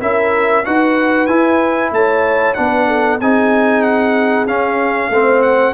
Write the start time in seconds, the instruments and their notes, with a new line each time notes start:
0.00 tuba C#4, trombone E4, horn A#4, trumpet E5
0.65 tuba D#4, trombone F#4, horn B4, trumpet F#5
1.26 tuba E4, trombone E4, trumpet G#5
1.91 tuba A3, horn C#5, trumpet A5
2.54 tuba B3, trombone D4, horn B4, trumpet F#5
2.87 horn A4
3.19 tuba C4, trombone D#4, horn G#4, trumpet G#5
3.82 trumpet F#5
4.46 tuba C#4, trombone C#4, trumpet F5
5.09 tuba A3, trombone C4, horn C5
5.42 trumpet F#5